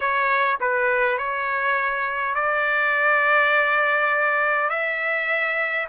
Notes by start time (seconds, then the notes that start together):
0.00 C#5
0.60 B4
1.18 C#5
2.34 D5
4.69 E5